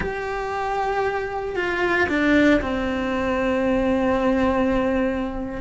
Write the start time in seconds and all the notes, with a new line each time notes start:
0.00 G4
1.55 F4
2.08 D4
2.61 C4